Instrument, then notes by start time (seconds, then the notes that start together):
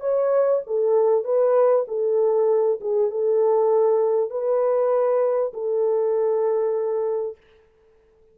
horn
0.00 C#5
0.67 A4
1.24 B4
1.88 A4
2.81 G#4
3.11 A4
4.30 B4
5.54 A4